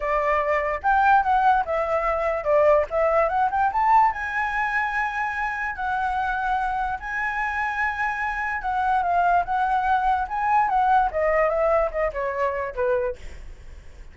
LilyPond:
\new Staff \with { instrumentName = "flute" } { \time 4/4 \tempo 4 = 146 d''2 g''4 fis''4 | e''2 d''4 e''4 | fis''8 g''8 a''4 gis''2~ | gis''2 fis''2~ |
fis''4 gis''2.~ | gis''4 fis''4 f''4 fis''4~ | fis''4 gis''4 fis''4 dis''4 | e''4 dis''8 cis''4. b'4 | }